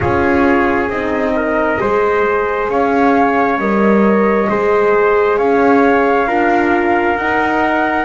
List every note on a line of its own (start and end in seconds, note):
0.00 0.89 C#4
0.00 0.89 F4
0.00 1.33 G#4
0.00 0.88 C#5
0.88 1.78 C4
0.88 1.79 D#4
0.88 2.67 D#5
1.36 1.81 A#4
1.79 2.68 G#3
1.79 3.58 G#4
1.79 2.70 C5
2.68 3.58 C#4
2.68 4.49 C#5
2.68 3.59 F5
3.58 4.47 G3
3.58 4.49 A#4
3.58 5.37 D#5
4.49 5.38 G#3
4.49 6.27 G#4
4.49 5.38 C5
5.37 6.26 C#4
5.37 6.27 C#5
5.37 7.16 F5
6.26 7.16 D4
6.26 7.16 F4
6.26 8.05 A#4
7.16 8.05 D#4
7.16 8.05 F#5